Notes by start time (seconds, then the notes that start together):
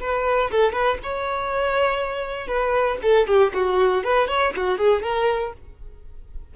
0.00 B4
0.51 A4
0.72 B4
1.03 C#5
2.47 B4
3.02 A4
3.27 G4
3.54 F#4
4.04 B4
4.27 C#5
4.56 F#4
4.78 G#4
5.02 A#4